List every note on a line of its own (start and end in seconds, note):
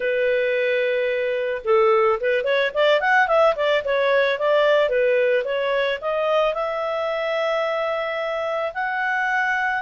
0.00 1.62 B4
1.64 2.19 A4
2.20 2.44 B4
2.44 2.71 C#5
2.74 3.00 D5
3.00 3.27 F#5
3.27 3.54 E5
3.55 3.83 D5
3.84 4.38 C#5
4.38 4.89 D5
4.89 5.43 B4
5.44 5.99 C#5
6.01 6.54 D#5
6.54 8.72 E5
8.74 9.82 F#5